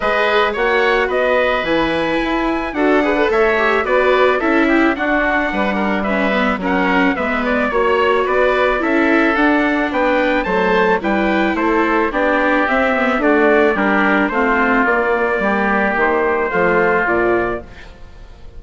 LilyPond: <<
  \new Staff \with { instrumentName = "trumpet" } { \time 4/4 \tempo 4 = 109 dis''4 fis''4 dis''4 gis''4~ | gis''4 fis''4 e''4 d''4 | e''4 fis''2 e''4 | fis''4 e''8 d''8 cis''4 d''4 |
e''4 fis''4 g''4 a''4 | g''4 c''4 d''4 e''4 | d''4 ais'4 c''4 d''4~ | d''4 c''2 d''4 | }
  \new Staff \with { instrumentName = "oboe" } { \time 4/4 b'4 cis''4 b'2~ | b'4 a'8 b'8 cis''4 b'4 | a'8 g'8 fis'4 b'8 ais'8 b'4 | ais'4 b'4 cis''4 b'4 |
a'2 b'4 c''4 | b'4 a'4 g'2 | fis'4 g'4 f'2 | g'2 f'2 | }
  \new Staff \with { instrumentName = "viola" } { \time 4/4 gis'4 fis'2 e'4~ | e'4 fis'8 gis'16 a'8. g'8 fis'4 | e'4 d'2 cis'8 b8 | cis'4 b4 fis'2 |
e'4 d'2 a4 | e'2 d'4 c'8 b8 | a4 d'4 c'4 ais4~ | ais2 a4 f4 | }
  \new Staff \with { instrumentName = "bassoon" } { \time 4/4 gis4 ais4 b4 e4 | e'4 d'4 a4 b4 | cis'4 d'4 g2 | fis4 gis4 ais4 b4 |
cis'4 d'4 b4 fis4 | g4 a4 b4 c'4 | d'4 g4 a4 ais4 | g4 dis4 f4 ais,4 | }
>>